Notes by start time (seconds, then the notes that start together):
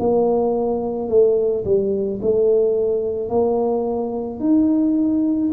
0.00 A#3
1.09 A3
1.65 G3
2.22 A3
3.30 A#3
4.40 D#4